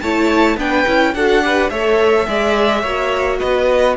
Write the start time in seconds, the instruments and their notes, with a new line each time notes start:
0.00 cello A3, viola E4, violin C#5 A5
0.56 cello B3, viola D4, violin B4 G5
0.87 cello C#4, viola E4
1.14 cello D4, viola F#4, violin A4 F#5
1.42 viola G4, violin B4
1.70 cello A3, viola A4, violin C#5 E5
2.27 cello G#3, viola G#4, violin D5
2.81 cello A#3, viola F#4, violin C#5
3.39 cello B3, violin B4 D#5